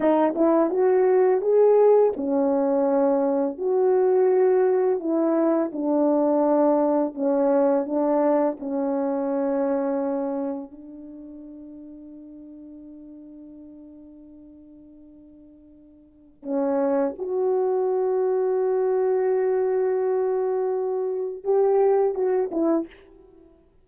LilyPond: \new Staff \with { instrumentName = "horn" } { \time 4/4 \tempo 4 = 84 dis'8 e'8 fis'4 gis'4 cis'4~ | cis'4 fis'2 e'4 | d'2 cis'4 d'4 | cis'2. d'4~ |
d'1~ | d'2. cis'4 | fis'1~ | fis'2 g'4 fis'8 e'8 | }